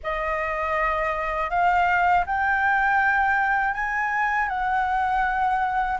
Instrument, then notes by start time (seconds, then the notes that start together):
flute
0.03 D#5
1.50 F5
2.26 G5
3.74 G#5
4.48 F#5